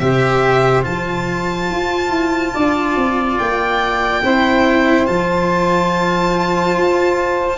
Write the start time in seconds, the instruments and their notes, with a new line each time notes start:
0.00 tuba C3, cello G4, saxophone C5, violin E5
0.83 tuba F3, cello F4, violin A5
1.70 tuba F4
2.10 tuba E4
2.54 tuba D4, saxophone D5
2.96 tuba C4
3.38 tuba A#3, violin G5
4.24 tuba C4, cello E4, saxophone C5
5.07 tuba F3, cello F4, violin A5
6.78 tuba F4